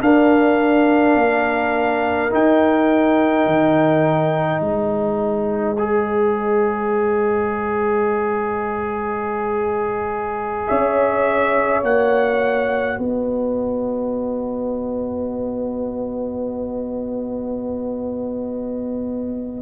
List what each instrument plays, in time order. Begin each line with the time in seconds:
0.00 trombone D4, tuba D4, horn A#4, trumpet F5
1.15 tuba A#3
2.30 trombone D#4, tuba D#4, trumpet G5
3.46 tuba D#3
4.61 tuba G#3, horn C5, trumpet D#5
5.78 trombone G#4
10.67 tuba C#4, horn C#5, trumpet E5
11.83 tuba A#3, trombone F#4, trumpet F#5
12.99 tuba B3, horn B4, trumpet D#5